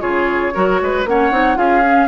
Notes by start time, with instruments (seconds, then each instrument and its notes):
0.00 bassoon C#3, clarinet F4, oboe G#4, flute C#5
0.54 bassoon F#3, clarinet F#4, oboe A#4
0.82 bassoon G#3, oboe B4
1.05 bassoon A#3, clarinet C#4, oboe C#5, flute F#5
1.31 bassoon C4, clarinet D#4
1.56 bassoon C#4, clarinet F4, oboe G#4, flute F5
1.85 clarinet C#4